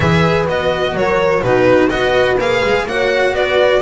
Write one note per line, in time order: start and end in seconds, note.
0.00 0.47 E3
0.00 0.47 G#4
0.00 0.95 B4
0.00 0.46 E5
0.47 0.94 B3
0.47 1.42 F#4
0.47 0.96 D#5
0.94 1.42 F#3
0.94 1.43 A#4
0.94 1.43 C#5
1.42 1.90 B2
1.42 1.89 D#4
1.42 1.90 F#4
1.42 1.89 B4
1.89 2.38 B3
1.89 2.37 F#4
1.89 2.86 B4
1.89 2.37 D#5
2.38 2.62 A#3
2.38 2.88 G#4
2.38 2.87 F5
2.63 2.85 G#3
2.85 3.32 A#3
2.85 3.81 F#4
2.85 3.35 C#5
2.85 3.34 F#5
3.32 3.79 B3
3.32 3.81 B4
3.32 3.81 D5